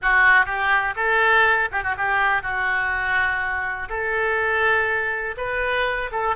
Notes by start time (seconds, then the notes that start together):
0.02 F#4
0.45 G4
0.96 A4
1.71 G4
1.83 F#4
1.97 G4
2.42 F#4
3.89 A4
5.37 B4
6.11 A4